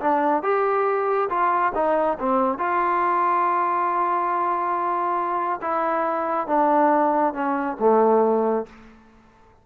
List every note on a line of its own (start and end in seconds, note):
0.00 0.42 D4
0.42 1.29 G4
1.29 1.72 F4
1.74 2.17 D#4
2.19 2.58 C4
2.58 5.60 F4
5.61 6.47 E4
6.47 7.33 D4
7.33 7.76 C#4
7.79 8.66 A3